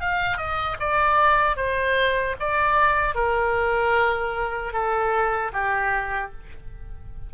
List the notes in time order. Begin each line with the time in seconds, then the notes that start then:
0.00 F5
0.37 D#5
0.79 D5
1.56 C5
2.39 D5
3.14 A#4
4.72 A4
5.52 G4